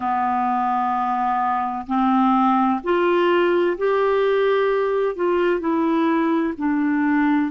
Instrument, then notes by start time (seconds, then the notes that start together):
clarinet
0.00 B3
1.86 C4
2.83 F4
3.77 G4
5.15 F4
5.60 E4
6.57 D4